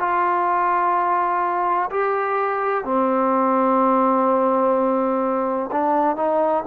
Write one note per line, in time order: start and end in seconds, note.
0.00 1.90 F4
1.91 2.85 G4
2.85 5.71 C4
5.72 6.16 D4
6.16 6.64 D#4